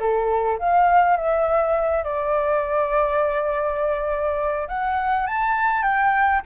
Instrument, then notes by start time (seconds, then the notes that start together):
flute
0.00 A4
0.59 F5
1.17 E5
2.04 D5
4.68 F#5
5.27 A5
5.83 G5